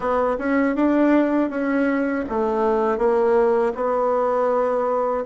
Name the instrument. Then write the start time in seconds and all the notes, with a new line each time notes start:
bassoon
0.00 B3
0.38 C#4
0.75 D4
1.50 C#4
2.29 A3
2.98 A#3
3.74 B3